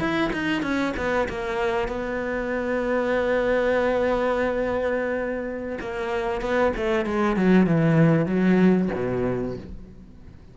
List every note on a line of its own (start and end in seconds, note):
0.00 0.31 E4
0.33 0.63 D#4
0.63 0.94 C#4
0.97 1.28 B3
1.29 1.88 A#3
1.88 5.79 B3
5.81 6.41 A#3
6.41 6.73 B3
6.77 7.06 A3
7.06 7.37 G#3
7.37 7.67 F#3
7.67 8.27 E3
8.27 8.89 F#3
8.95 9.57 B2